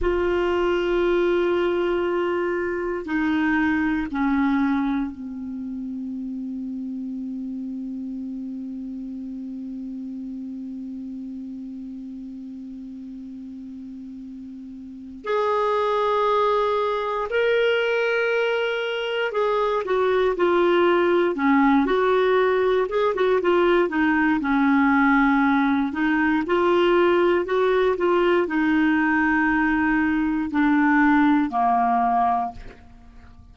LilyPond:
\new Staff \with { instrumentName = "clarinet" } { \time 4/4 \tempo 4 = 59 f'2. dis'4 | cis'4 c'2.~ | c'1~ | c'2. gis'4~ |
gis'4 ais'2 gis'8 fis'8 | f'4 cis'8 fis'4 gis'16 fis'16 f'8 dis'8 | cis'4. dis'8 f'4 fis'8 f'8 | dis'2 d'4 ais4 | }